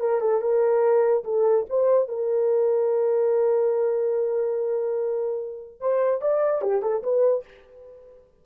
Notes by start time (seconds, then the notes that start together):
0.00 A#4
0.21 A4
0.41 A#4
1.24 A4
1.69 C5
2.08 A#4
5.80 C5
6.21 D5
6.62 G4
6.82 A4
7.03 B4